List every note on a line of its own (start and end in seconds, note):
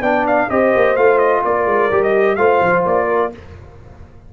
0.00 0.47 B3
0.00 0.50 D4
0.00 0.48 D5
0.00 0.26 G5
0.27 0.50 F5
0.49 0.73 C4
0.49 0.96 G4
0.49 1.43 C5
0.49 0.96 D#5
0.76 0.96 A#3
0.96 1.43 A3
0.96 1.91 F4
0.96 1.18 F5
1.18 1.42 D#5
1.45 1.66 A#3
1.45 2.37 A#4
1.45 2.03 D5
1.66 1.89 G#3
1.91 2.37 G3
1.91 2.38 G4
2.03 2.35 D#5
2.35 2.60 A3
2.35 3.32 F4
2.35 3.07 C5
2.35 2.82 F5
2.62 2.85 F3
2.86 3.32 A#3
2.86 3.33 D5
3.07 3.31 A#4